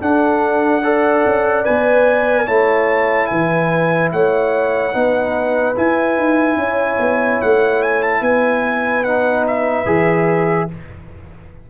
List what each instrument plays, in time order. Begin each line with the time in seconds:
0.00 trombone D4, tuba D4, horn A4, trumpet F#5
0.83 trombone A4, horn D5
1.25 tuba C#4
1.64 tuba B3, trombone B4, trumpet G#5
2.46 tuba A3, trombone E4, horn C#5, trumpet A5
3.26 tuba E3, horn B4, trumpet G#5
4.12 tuba A3, horn C#5, trumpet F#5
4.93 tuba B3, trombone D#4, horn B4
5.75 trombone E4, tuba E4, trumpet G#5
6.17 tuba D#4
6.56 tuba C#4, horn C#5
6.99 tuba B3
7.41 tuba A3, trumpet F#5
7.82 trumpet G#5
8.02 trumpet A5
8.21 tuba B3, horn B4, trumpet G#5
9.04 trombone D#4, trumpet F#5
9.47 trumpet E5
9.86 tuba E3, trombone G#4